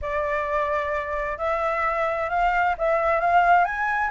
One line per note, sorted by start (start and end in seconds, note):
0.01 1.37 D5
1.37 2.29 E5
2.29 2.75 F5
2.78 3.20 E5
3.20 3.64 F5
3.64 4.10 G#5